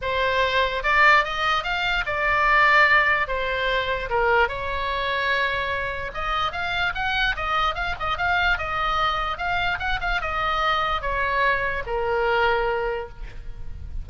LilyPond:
\new Staff \with { instrumentName = "oboe" } { \time 4/4 \tempo 4 = 147 c''2 d''4 dis''4 | f''4 d''2. | c''2 ais'4 cis''4~ | cis''2. dis''4 |
f''4 fis''4 dis''4 f''8 dis''8 | f''4 dis''2 f''4 | fis''8 f''8 dis''2 cis''4~ | cis''4 ais'2. | }